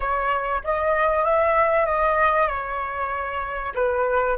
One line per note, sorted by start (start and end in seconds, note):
0.00 0.61 C#5
0.63 1.24 D#5
1.24 1.86 E5
1.86 2.47 D#5
2.47 3.72 C#5
3.74 4.37 B4